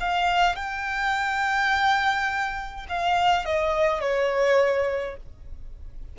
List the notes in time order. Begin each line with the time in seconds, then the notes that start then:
0.00 F5
0.56 G5
2.88 F5
3.46 D#5
4.01 C#5